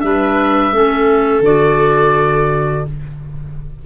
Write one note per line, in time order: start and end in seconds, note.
0.00 0.72 G3
0.00 0.72 D4
0.00 0.74 B4
0.00 1.41 E5
0.72 1.40 A3
0.72 1.43 C#4
0.72 2.85 A4
1.40 2.81 D3
1.40 2.85 F#4
1.40 2.86 D5